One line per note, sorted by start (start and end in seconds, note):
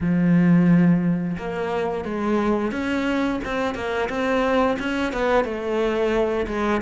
0.01 1.37 F3
1.37 2.05 A#3
2.05 2.71 G#3
2.71 3.39 C#4
3.44 3.74 C4
3.74 4.08 A#3
4.09 4.77 C4
4.79 5.13 C#4
5.13 5.44 B3
5.44 6.46 A3
6.46 6.81 G#3